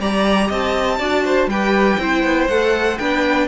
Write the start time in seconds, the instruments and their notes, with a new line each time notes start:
0.00 cello G3, viola G4, violin D5 A#5
0.48 cello C4, violin D#5 A5
0.98 cello D4, viola F#4, violin D5
1.25 violin C5
1.47 cello G3, viola G4, violin B4 G5
1.98 cello C4, viola E4, violin C5
2.23 cello B3
2.48 cello A3, viola A4, violin F#5
2.98 cello B3, viola D4, violin B4 G5